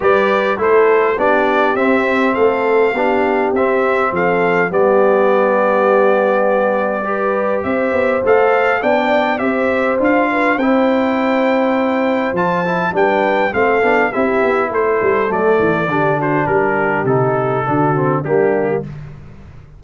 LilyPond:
<<
  \new Staff \with { instrumentName = "trumpet" } { \time 4/4 \tempo 4 = 102 d''4 c''4 d''4 e''4 | f''2 e''4 f''4 | d''1~ | d''4 e''4 f''4 g''4 |
e''4 f''4 g''2~ | g''4 a''4 g''4 f''4 | e''4 c''4 d''4. c''8 | ais'4 a'2 g'4 | }
  \new Staff \with { instrumentName = "horn" } { \time 4/4 b'4 a'4 g'2 | a'4 g'2 a'4 | g'1 | b'4 c''2 d''4 |
c''4. b'8 c''2~ | c''2 b'4 a'4 | g'4 a'2 g'8 fis'8 | g'2 fis'4 d'4 | }
  \new Staff \with { instrumentName = "trombone" } { \time 4/4 g'4 e'4 d'4 c'4~ | c'4 d'4 c'2 | b1 | g'2 a'4 d'4 |
g'4 f'4 e'2~ | e'4 f'8 e'8 d'4 c'8 d'8 | e'2 a4 d'4~ | d'4 dis'4 d'8 c'8 ais4 | }
  \new Staff \with { instrumentName = "tuba" } { \time 4/4 g4 a4 b4 c'4 | a4 b4 c'4 f4 | g1~ | g4 c'8 b8 a4 b4 |
c'4 d'4 c'2~ | c'4 f4 g4 a8 b8 | c'8 b8 a8 g8 fis8 e8 d4 | g4 c4 d4 g4 | }
>>